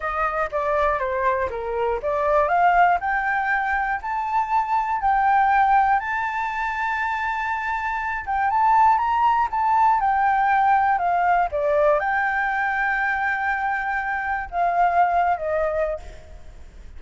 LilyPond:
\new Staff \with { instrumentName = "flute" } { \time 4/4 \tempo 4 = 120 dis''4 d''4 c''4 ais'4 | d''4 f''4 g''2 | a''2 g''2 | a''1~ |
a''8 g''8 a''4 ais''4 a''4 | g''2 f''4 d''4 | g''1~ | g''4 f''4.~ f''16 dis''4~ dis''16 | }